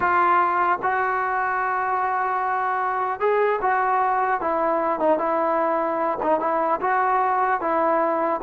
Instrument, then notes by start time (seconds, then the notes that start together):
trombone
0.00 F4
0.82 F#4
3.19 G#4
3.61 F#4
4.40 E4
4.99 D#4
5.18 E4
6.22 D#4
6.39 E4
6.81 F#4
7.60 E4